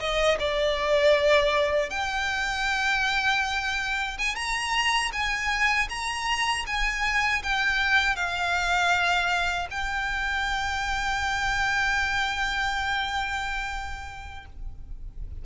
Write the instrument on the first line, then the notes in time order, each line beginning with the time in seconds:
violin
0.00 D#5
0.40 D5
1.90 G5
4.19 G#5
4.36 A#5
5.13 G#5
5.90 A#5
6.67 G#5
7.43 G5
8.16 F5
9.71 G5